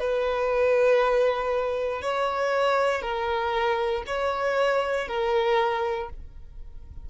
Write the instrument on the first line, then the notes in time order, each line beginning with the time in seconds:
violin
0.00 B4
2.02 C#5
3.02 A#4
4.07 C#5
5.08 A#4